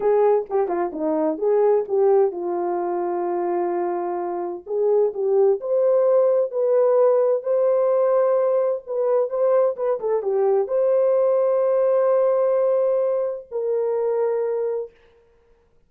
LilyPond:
\new Staff \with { instrumentName = "horn" } { \time 4/4 \tempo 4 = 129 gis'4 g'8 f'8 dis'4 gis'4 | g'4 f'2.~ | f'2 gis'4 g'4 | c''2 b'2 |
c''2. b'4 | c''4 b'8 a'8 g'4 c''4~ | c''1~ | c''4 ais'2. | }